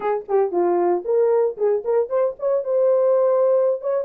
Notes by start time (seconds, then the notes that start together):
0.00 G#4
0.28 G4
0.51 F4
1.04 A#4
1.57 G#4
1.84 A#4
2.09 C5
2.39 C#5
2.63 C5
3.81 C#5